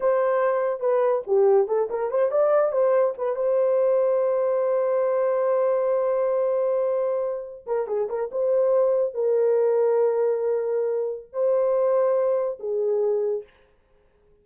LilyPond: \new Staff \with { instrumentName = "horn" } { \time 4/4 \tempo 4 = 143 c''2 b'4 g'4 | a'8 ais'8 c''8 d''4 c''4 b'8 | c''1~ | c''1~ |
c''2~ c''16 ais'8 gis'8 ais'8 c''16~ | c''4.~ c''16 ais'2~ ais'16~ | ais'2. c''4~ | c''2 gis'2 | }